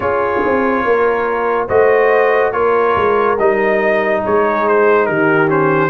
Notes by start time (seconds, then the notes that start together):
0.00 C#4 F4 G#4 C#5
0.45 C4
0.84 A#3 A#4
1.67 A3 F#4 C5 D#5
2.52 A#3 F4 A#4 C#5
2.95 G#3
3.38 G3 D#4 D#5
4.23 G#3 G#4 C#5
4.67 C5
5.06 D#3 G4 A#4
5.47 C#4 C5